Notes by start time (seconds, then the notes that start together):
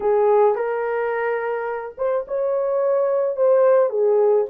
0.00 G#4
0.55 A#4
1.97 C5
2.27 C#5
3.36 C5
3.89 G#4